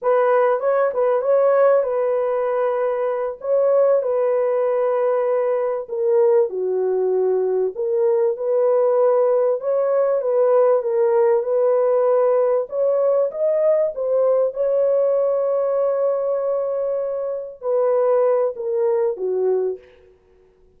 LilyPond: \new Staff \with { instrumentName = "horn" } { \time 4/4 \tempo 4 = 97 b'4 cis''8 b'8 cis''4 b'4~ | b'4. cis''4 b'4.~ | b'4. ais'4 fis'4.~ | fis'8 ais'4 b'2 cis''8~ |
cis''8 b'4 ais'4 b'4.~ | b'8 cis''4 dis''4 c''4 cis''8~ | cis''1~ | cis''8 b'4. ais'4 fis'4 | }